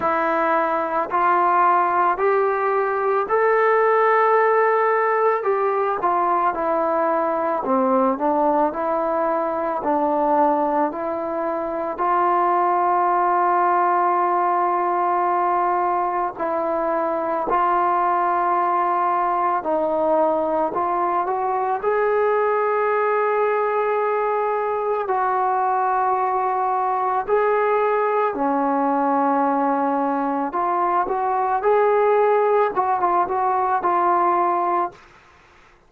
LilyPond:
\new Staff \with { instrumentName = "trombone" } { \time 4/4 \tempo 4 = 55 e'4 f'4 g'4 a'4~ | a'4 g'8 f'8 e'4 c'8 d'8 | e'4 d'4 e'4 f'4~ | f'2. e'4 |
f'2 dis'4 f'8 fis'8 | gis'2. fis'4~ | fis'4 gis'4 cis'2 | f'8 fis'8 gis'4 fis'16 f'16 fis'8 f'4 | }